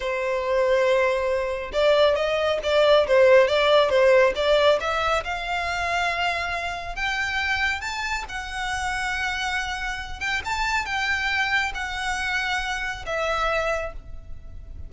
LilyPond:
\new Staff \with { instrumentName = "violin" } { \time 4/4 \tempo 4 = 138 c''1 | d''4 dis''4 d''4 c''4 | d''4 c''4 d''4 e''4 | f''1 |
g''2 a''4 fis''4~ | fis''2.~ fis''8 g''8 | a''4 g''2 fis''4~ | fis''2 e''2 | }